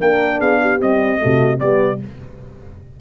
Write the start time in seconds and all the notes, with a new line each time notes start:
0.00 A#3 D4 A#4 G5
0.39 B3 G#4 F5
0.62 G4
0.81 G3 C4 D#5
1.18 A3 F#4
1.25 C3
1.59 G3 B3 G4 D5